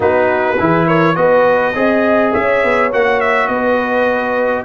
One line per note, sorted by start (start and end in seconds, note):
0.00 0.58 B3
0.00 0.57 D#4
0.00 0.58 F#4
0.00 0.87 B4
0.59 1.16 E3
0.59 1.15 E4
0.59 0.87 G#4
0.87 1.16 A#4
0.87 1.15 C#5
1.15 1.74 B3
1.15 1.73 F#4
1.15 1.76 B4
1.15 2.32 D#5
1.74 2.33 C4
1.74 2.91 G#4
1.74 2.32 D#5
2.32 2.63 C#4
2.32 3.49 C#5
2.32 2.91 E5
2.63 2.92 B3
2.92 3.48 A#3
2.92 4.64 F#4
2.92 3.20 F#5
3.20 3.47 E5
3.47 4.64 B3
3.47 4.64 B4
3.47 4.64 D#5